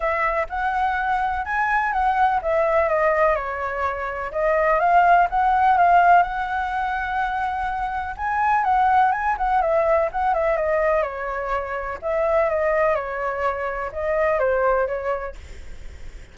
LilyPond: \new Staff \with { instrumentName = "flute" } { \time 4/4 \tempo 4 = 125 e''4 fis''2 gis''4 | fis''4 e''4 dis''4 cis''4~ | cis''4 dis''4 f''4 fis''4 | f''4 fis''2.~ |
fis''4 gis''4 fis''4 gis''8 fis''8 | e''4 fis''8 e''8 dis''4 cis''4~ | cis''4 e''4 dis''4 cis''4~ | cis''4 dis''4 c''4 cis''4 | }